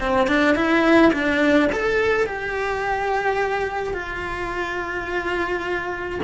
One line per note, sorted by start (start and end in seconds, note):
0.00 0.27 C4
0.27 0.55 D4
0.55 1.12 E4
1.13 1.70 D4
1.72 2.26 A4
2.26 3.94 G4
3.94 6.20 F4